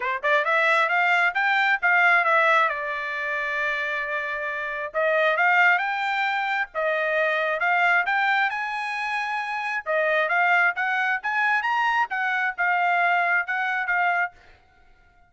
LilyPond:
\new Staff \with { instrumentName = "trumpet" } { \time 4/4 \tempo 4 = 134 c''8 d''8 e''4 f''4 g''4 | f''4 e''4 d''2~ | d''2. dis''4 | f''4 g''2 dis''4~ |
dis''4 f''4 g''4 gis''4~ | gis''2 dis''4 f''4 | fis''4 gis''4 ais''4 fis''4 | f''2 fis''4 f''4 | }